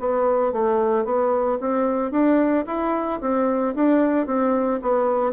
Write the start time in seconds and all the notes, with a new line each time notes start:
0.00 B3
0.53 A3
1.05 B3
1.61 C4
2.12 D4
2.67 E4
3.21 C4
3.75 D4
4.27 C4
4.83 B3